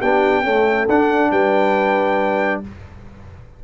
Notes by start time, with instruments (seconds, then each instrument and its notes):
0.00 tuba B3, trombone D4, horn G4, trumpet G5
0.43 trombone A3, tuba C#4, horn A4
0.89 tuba D4, trombone D4, trumpet F#5
1.32 tuba G3, horn B4, trumpet G5